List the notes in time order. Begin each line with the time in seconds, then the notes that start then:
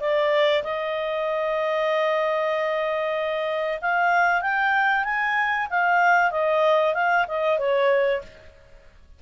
0.00 D5
0.64 D#5
3.82 F5
4.42 G5
5.05 G#5
5.71 F5
6.31 D#5
6.94 F5
7.28 D#5
7.59 C#5